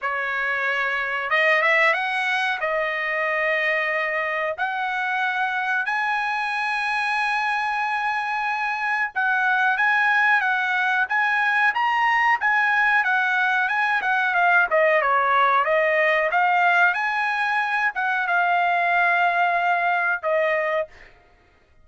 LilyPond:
\new Staff \with { instrumentName = "trumpet" } { \time 4/4 \tempo 4 = 92 cis''2 dis''8 e''8 fis''4 | dis''2. fis''4~ | fis''4 gis''2.~ | gis''2 fis''4 gis''4 |
fis''4 gis''4 ais''4 gis''4 | fis''4 gis''8 fis''8 f''8 dis''8 cis''4 | dis''4 f''4 gis''4. fis''8 | f''2. dis''4 | }